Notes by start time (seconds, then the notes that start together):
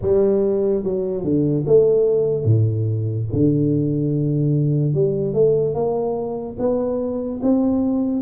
0.01 G3
0.83 F#3
1.23 D3
1.66 A3
2.44 A2
3.32 D3
4.94 G3
5.33 A3
5.74 A#3
6.58 B3
7.42 C4